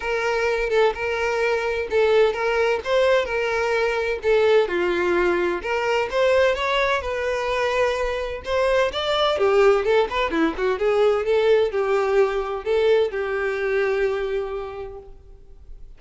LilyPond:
\new Staff \with { instrumentName = "violin" } { \time 4/4 \tempo 4 = 128 ais'4. a'8 ais'2 | a'4 ais'4 c''4 ais'4~ | ais'4 a'4 f'2 | ais'4 c''4 cis''4 b'4~ |
b'2 c''4 d''4 | g'4 a'8 b'8 e'8 fis'8 gis'4 | a'4 g'2 a'4 | g'1 | }